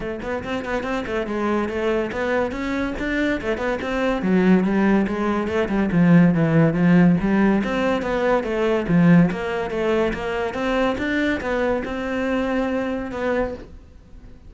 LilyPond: \new Staff \with { instrumentName = "cello" } { \time 4/4 \tempo 4 = 142 a8 b8 c'8 b8 c'8 a8 gis4 | a4 b4 cis'4 d'4 | a8 b8 c'4 fis4 g4 | gis4 a8 g8 f4 e4 |
f4 g4 c'4 b4 | a4 f4 ais4 a4 | ais4 c'4 d'4 b4 | c'2. b4 | }